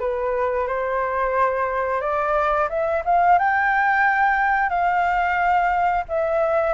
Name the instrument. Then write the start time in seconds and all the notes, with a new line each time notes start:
flute
0.00 B4
0.68 C5
2.01 D5
2.69 E5
3.05 F5
3.39 G5
4.69 F5
6.09 E5